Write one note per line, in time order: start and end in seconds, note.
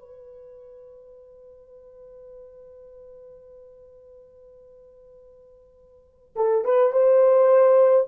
0.00 6.35 B4
6.36 6.65 A4
6.65 6.92 B4
6.92 8.07 C5